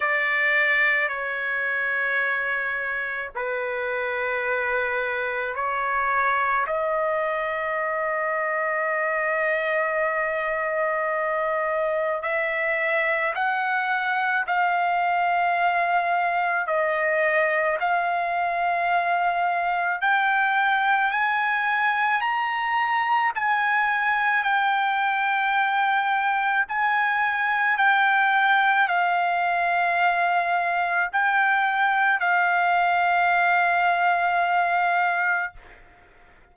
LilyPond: \new Staff \with { instrumentName = "trumpet" } { \time 4/4 \tempo 4 = 54 d''4 cis''2 b'4~ | b'4 cis''4 dis''2~ | dis''2. e''4 | fis''4 f''2 dis''4 |
f''2 g''4 gis''4 | ais''4 gis''4 g''2 | gis''4 g''4 f''2 | g''4 f''2. | }